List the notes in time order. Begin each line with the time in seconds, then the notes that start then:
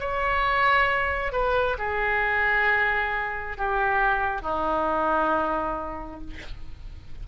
0.00 C#5
1.33 B4
1.78 G#4
3.58 G4
4.42 D#4